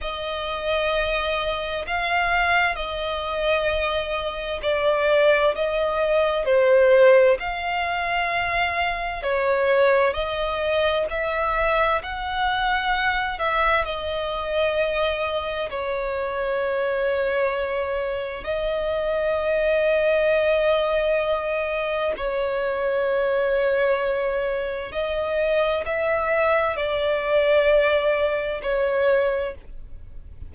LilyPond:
\new Staff \with { instrumentName = "violin" } { \time 4/4 \tempo 4 = 65 dis''2 f''4 dis''4~ | dis''4 d''4 dis''4 c''4 | f''2 cis''4 dis''4 | e''4 fis''4. e''8 dis''4~ |
dis''4 cis''2. | dis''1 | cis''2. dis''4 | e''4 d''2 cis''4 | }